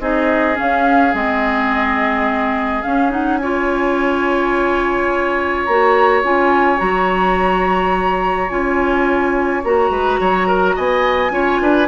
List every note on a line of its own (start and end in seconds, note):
0.00 0.57 C4
0.00 0.55 D#4
0.00 3.41 G#4
0.00 0.58 D#5
0.55 1.11 C#4
0.55 1.15 F5
0.62 1.14 C#4
1.14 2.84 G#3
1.14 2.84 C4
1.14 2.83 D#5
2.83 3.11 C#4
2.83 5.68 C#4
2.83 3.11 F5
3.11 3.39 D#4
3.11 3.37 F#5
3.37 5.69 F4
3.37 9.91 C#5
3.37 5.64 G#5
5.65 6.23 A#3
5.65 6.24 F#4
5.65 6.21 A#5
6.23 6.80 C#4
6.23 6.77 F4
6.23 6.79 G#5
6.77 8.50 F#3
6.77 8.47 F#4
6.77 8.49 A#5
8.49 9.63 C#4
8.49 9.63 F4
8.49 9.62 G#5
9.64 9.90 A#3
9.64 11.31 F#4
9.64 10.77 A#5
9.90 10.18 G#3
9.90 10.20 B4
10.20 10.76 F#3
10.20 10.48 C#5
10.48 10.75 A#4
10.75 11.31 B3
10.75 11.32 D#5
10.75 11.88 G#5
11.31 11.59 C#4
11.31 11.87 F4
11.31 11.62 C#5
11.61 11.88 D4
11.61 11.88 B4